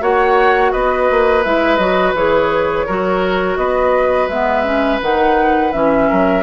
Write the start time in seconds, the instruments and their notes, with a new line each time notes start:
0.00 bassoon A#3, clarinet F#4, oboe C#5, flute F#5
0.72 bassoon B3, oboe B4, flute D#5
1.10 bassoon A#3
1.43 bassoon G#3, clarinet E4, flute E5
1.76 bassoon F#3, clarinet F#4, flute D#5
2.14 bassoon E3, clarinet G#4, flute C#5
2.86 bassoon F#3, clarinet F#4, oboe A#4
3.56 bassoon B3, oboe B4, flute D#5
4.28 bassoon G#3, clarinet B3, flute E5
4.64 clarinet C#4
5.01 bassoon D#3, clarinet D#4, flute F#5
5.72 bassoon E3, clarinet C#4, flute E5
6.09 bassoon F#3, oboe A#4